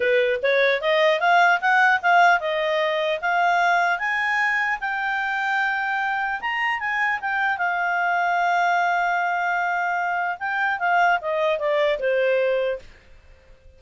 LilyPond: \new Staff \with { instrumentName = "clarinet" } { \time 4/4 \tempo 4 = 150 b'4 cis''4 dis''4 f''4 | fis''4 f''4 dis''2 | f''2 gis''2 | g''1 |
ais''4 gis''4 g''4 f''4~ | f''1~ | f''2 g''4 f''4 | dis''4 d''4 c''2 | }